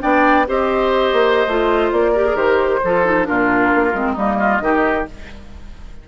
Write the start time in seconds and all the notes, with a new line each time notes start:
0.00 B3 D4 D5 G5
0.47 C4 G4 C5 D#5
1.12 A#3
1.47 A3 F4
1.92 A#3 D5
2.12 G4 A#4
2.26 G#4
2.35 D#3 G4 C5
2.83 F3 F4 A4
3.05 D#4
3.24 A#2 D4 F4 A#4
3.74 A#3
3.93 G#3 C4
4.12 G3 A#3 D#4 D#5
4.39 F4
4.60 D#3 D#4 G4